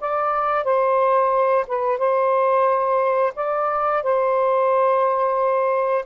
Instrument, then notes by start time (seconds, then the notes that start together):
saxophone
0.00 D5
0.64 C5
1.67 B4
1.98 C5
3.35 D5
4.03 C5